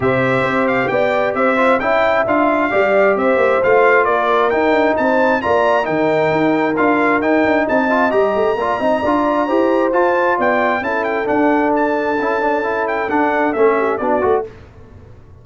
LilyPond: <<
  \new Staff \with { instrumentName = "trumpet" } { \time 4/4 \tempo 4 = 133 e''4. f''8 g''4 e''4 | g''4 f''2 e''4 | f''4 d''4 g''4 a''4 | ais''4 g''2 f''4 |
g''4 a''4 ais''2~ | ais''2 a''4 g''4 | a''8 g''8 fis''4 a''2~ | a''8 g''8 fis''4 e''4 d''4 | }
  \new Staff \with { instrumentName = "horn" } { \time 4/4 c''2 d''4 c''4 | e''2 d''4 c''4~ | c''4 ais'2 c''4 | d''4 ais'2.~ |
ais'4 dis''2 d''8 dis''8 | d''4 c''2 d''4 | a'1~ | a'2~ a'8 g'8 fis'4 | }
  \new Staff \with { instrumentName = "trombone" } { \time 4/4 g'2.~ g'8 f'8 | e'4 f'4 g'2 | f'2 dis'2 | f'4 dis'2 f'4 |
dis'4. f'8 g'4 f'8 dis'8 | f'4 g'4 f'2 | e'4 d'2 e'8 d'8 | e'4 d'4 cis'4 d'8 fis'8 | }
  \new Staff \with { instrumentName = "tuba" } { \time 4/4 c4 c'4 b4 c'4 | cis'4 d'4 g4 c'8 ais8 | a4 ais4 dis'8 d'8 c'4 | ais4 dis4 dis'4 d'4 |
dis'8 d'8 c'4 g8 a8 ais8 c'8 | d'4 e'4 f'4 b4 | cis'4 d'2 cis'4~ | cis'4 d'4 a4 b8 a8 | }
>>